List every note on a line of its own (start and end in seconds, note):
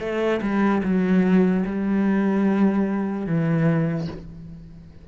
0.00 0.41 A3
0.42 0.83 G3
0.84 1.65 F#3
1.66 3.27 G3
3.27 4.08 E3